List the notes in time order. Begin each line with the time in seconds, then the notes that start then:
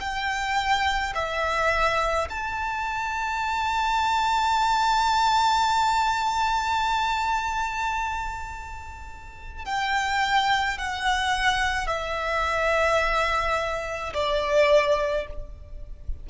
0.00 G5
1.14 E5
2.30 A5
9.65 G5
10.78 F#5
11.87 E5
14.13 D5